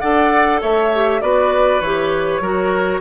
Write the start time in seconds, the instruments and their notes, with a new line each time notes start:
0.00 bassoon D4, clarinet A4, oboe D5, flute F#5
0.61 bassoon A3, oboe C#5, flute E5
0.94 clarinet G4
1.21 bassoon B3, clarinet F#4, oboe B4, flute D5
1.81 bassoon E3, clarinet G4, flute C#5
2.40 bassoon F#3, clarinet F#4, oboe A#4